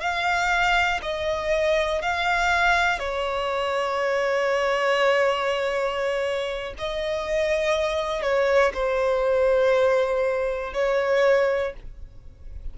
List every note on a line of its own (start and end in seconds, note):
0.00 1.00 F5
1.02 2.01 D#5
2.01 2.99 F5
2.99 6.74 C#5
6.78 8.22 D#5
8.22 8.72 C#5
8.74 10.73 C5
10.73 11.73 C#5